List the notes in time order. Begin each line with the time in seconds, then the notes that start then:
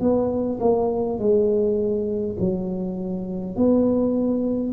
0.00 B3
0.60 A#3
1.19 G#3
2.40 F#3
3.56 B3